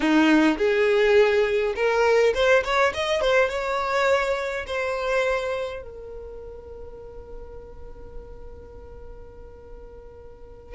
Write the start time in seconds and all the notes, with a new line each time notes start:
0.00 D#4
0.57 G#4
1.75 A#4
2.34 C5
2.64 C#5
2.94 D#5
3.21 C5
3.49 C#5
4.66 C5
5.82 A#4